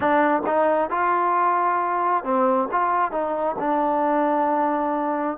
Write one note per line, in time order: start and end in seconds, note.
0.00 0.42 D4
0.46 0.90 D#4
0.90 2.23 F4
2.23 2.68 C4
2.71 3.11 F4
3.11 3.56 D#4
3.59 5.37 D4